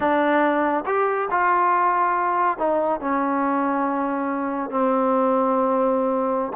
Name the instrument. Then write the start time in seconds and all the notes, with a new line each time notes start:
trombone
0.00 D4
0.86 G4
1.31 F4
2.58 D#4
3.00 C#4
4.70 C4